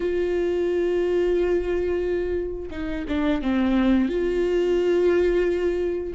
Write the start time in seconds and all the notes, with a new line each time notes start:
0.00 F4
2.71 D#4
3.08 D4
3.42 C4
4.08 F4